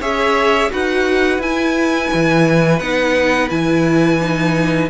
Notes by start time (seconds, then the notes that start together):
0.00 C#4 G#4 C#5 E5
0.70 D#4 F#4 B4 F#5
1.39 E4 G#5
2.14 E3
2.79 B3 D#4 F#5
3.49 E3 E4 G#5
4.21 D#4